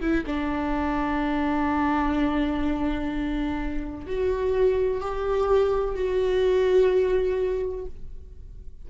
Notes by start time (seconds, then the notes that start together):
0.00 E4
0.26 D4
4.06 F#4
5.01 G4
5.94 F#4